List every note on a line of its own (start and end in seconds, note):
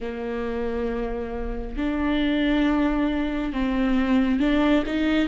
0.00 1.76 A#3
1.76 3.53 D4
3.53 4.39 C4
4.39 4.83 D4
4.85 5.28 D#4